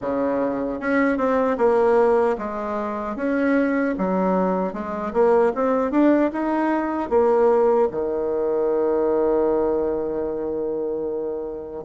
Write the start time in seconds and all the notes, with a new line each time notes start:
0.01 C#3
0.80 C#4
1.17 C4
1.57 A#3
2.38 G#3
3.16 C#4
3.98 F#3
4.73 G#3
5.13 A#3
5.54 C4
5.91 D4
6.32 D#4
7.09 A#3
7.91 D#3